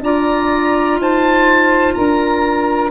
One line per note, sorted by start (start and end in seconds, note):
0.00 0.96 D4
0.00 2.91 F4
0.00 0.99 D5
0.00 1.00 A#5
0.96 1.93 D#4
0.96 1.94 C5
0.96 1.94 A5
1.94 2.91 D4
1.94 2.91 A#4
1.94 2.90 A#5